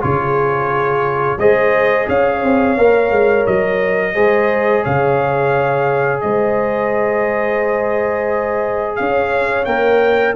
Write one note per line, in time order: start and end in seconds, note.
0.00 1.37 C#3
0.00 1.38 F4
0.00 1.39 G#4
0.00 1.39 C#5
1.37 2.06 G#3
1.37 2.78 G#4
1.37 2.08 C5
1.37 2.08 D#5
2.08 2.43 C#4
2.08 4.14 C#5
2.08 3.46 F5
2.43 2.77 C4
2.77 3.11 A#3
2.77 4.14 A#4
3.11 3.45 G#3
3.46 4.16 F#3
3.46 4.84 D#5
4.14 4.85 G#3
4.14 9.66 G#4
4.14 4.83 C5
4.83 6.24 C#3
4.83 6.21 C#5
4.83 6.20 F5
6.20 9.00 G#3
6.20 8.99 C5
6.20 8.96 D#5
8.96 9.66 C#4
8.96 10.36 C#5
8.96 9.65 F5
9.65 10.35 A#3
9.65 10.36 A#4
9.65 10.34 G5